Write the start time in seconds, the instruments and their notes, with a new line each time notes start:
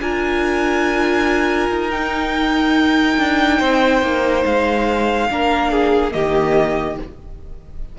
0.00 cello D4, viola F4, violin A#4 G#5
1.70 cello D#4
1.91 viola D#4, violin G5
3.18 cello D4
3.59 cello C4, violin C5
4.02 cello A#3
4.46 cello G#3, violin F5
5.30 cello A#3, viola D4, violin A#4
5.71 violin G#4
6.11 cello D#3, viola A#3, violin G4 D#5